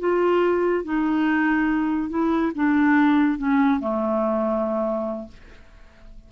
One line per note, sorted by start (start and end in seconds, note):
0.00 0.85 F4
0.85 2.10 D#4
2.10 2.52 E4
2.55 3.38 D4
3.38 3.80 C#4
3.80 5.28 A3